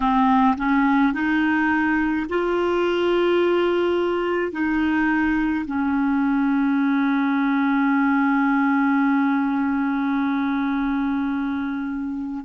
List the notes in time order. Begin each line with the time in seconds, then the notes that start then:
0.00 C4
0.57 C#4
1.13 D#4
2.29 F4
4.52 D#4
5.66 C#4